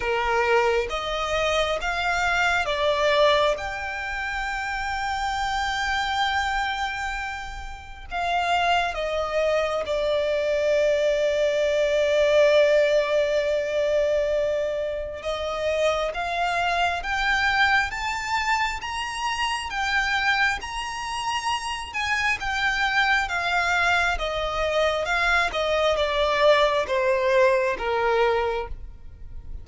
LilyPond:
\new Staff \with { instrumentName = "violin" } { \time 4/4 \tempo 4 = 67 ais'4 dis''4 f''4 d''4 | g''1~ | g''4 f''4 dis''4 d''4~ | d''1~ |
d''4 dis''4 f''4 g''4 | a''4 ais''4 g''4 ais''4~ | ais''8 gis''8 g''4 f''4 dis''4 | f''8 dis''8 d''4 c''4 ais'4 | }